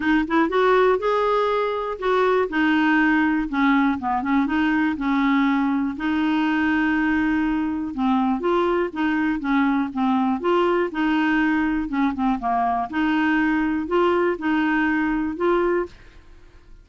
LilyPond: \new Staff \with { instrumentName = "clarinet" } { \time 4/4 \tempo 4 = 121 dis'8 e'8 fis'4 gis'2 | fis'4 dis'2 cis'4 | b8 cis'8 dis'4 cis'2 | dis'1 |
c'4 f'4 dis'4 cis'4 | c'4 f'4 dis'2 | cis'8 c'8 ais4 dis'2 | f'4 dis'2 f'4 | }